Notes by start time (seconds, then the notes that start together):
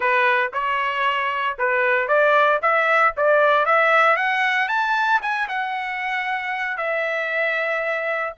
0.00 B4
0.53 C#5
1.58 B4
2.08 D5
2.62 E5
3.16 D5
3.65 E5
4.16 F#5
4.68 A5
5.22 G#5
5.48 F#5
6.77 E5